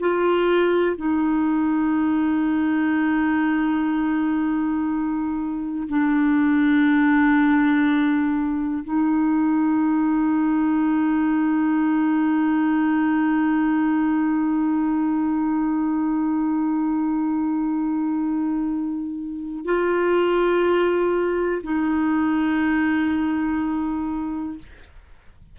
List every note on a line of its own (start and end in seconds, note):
0.00 0.96 F4
0.96 5.88 D#4
5.88 8.83 D4
8.84 19.65 D#4
19.65 21.62 F4
21.63 24.58 D#4